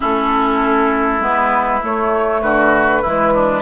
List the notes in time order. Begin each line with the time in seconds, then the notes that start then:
0.00 A3 C#4 E4 A4
1.19 G#3 B3 B4
1.82 A3 C#5
2.41 D3 F#4 B4
3.02 E3 G#3 E4
3.34 D4